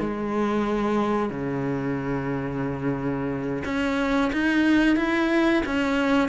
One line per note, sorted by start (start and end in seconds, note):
0.00 1.30 G#3
1.30 3.63 C#3
3.65 4.32 C#4
4.33 4.96 D#4
4.96 5.63 E4
5.66 6.29 C#4